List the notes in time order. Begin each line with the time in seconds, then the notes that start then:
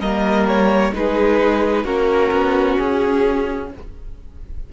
0.00 G3 A#3 A#4 D#5
0.47 C#5
0.92 G#3 D#4 G#4 B4
1.84 A#3 C#4 F#4 A#4
2.31 B3
2.78 C#4 G#4